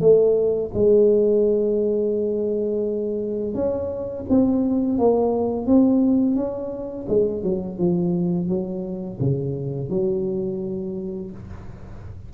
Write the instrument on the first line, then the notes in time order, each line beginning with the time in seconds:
tuba
0.00 A3
0.74 G#3
3.54 C#4
4.29 C4
4.98 A#3
5.66 C4
6.35 C#4
7.08 G#3
7.43 F#3
7.78 F3
8.48 F#3
9.20 C#3
9.90 F#3